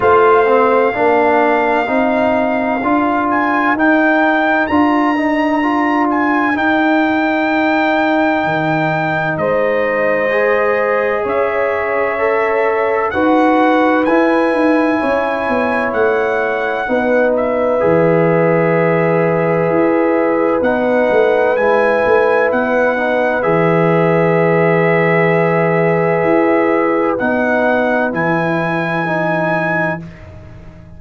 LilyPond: <<
  \new Staff \with { instrumentName = "trumpet" } { \time 4/4 \tempo 4 = 64 f''2.~ f''8 gis''8 | g''4 ais''4. gis''8 g''4~ | g''2 dis''2 | e''2 fis''4 gis''4~ |
gis''4 fis''4. e''4.~ | e''2 fis''4 gis''4 | fis''4 e''2.~ | e''4 fis''4 gis''2 | }
  \new Staff \with { instrumentName = "horn" } { \time 4/4 c''4 ais'2.~ | ais'1~ | ais'2 c''2 | cis''2 b'2 |
cis''2 b'2~ | b'1~ | b'1~ | b'1 | }
  \new Staff \with { instrumentName = "trombone" } { \time 4/4 f'8 c'8 d'4 dis'4 f'4 | dis'4 f'8 dis'8 f'4 dis'4~ | dis'2. gis'4~ | gis'4 a'4 fis'4 e'4~ |
e'2 dis'4 gis'4~ | gis'2 dis'4 e'4~ | e'8 dis'8 gis'2.~ | gis'4 dis'4 e'4 dis'4 | }
  \new Staff \with { instrumentName = "tuba" } { \time 4/4 a4 ais4 c'4 d'4 | dis'4 d'2 dis'4~ | dis'4 dis4 gis2 | cis'2 dis'4 e'8 dis'8 |
cis'8 b8 a4 b4 e4~ | e4 e'4 b8 a8 gis8 a8 | b4 e2. | e'4 b4 e2 | }
>>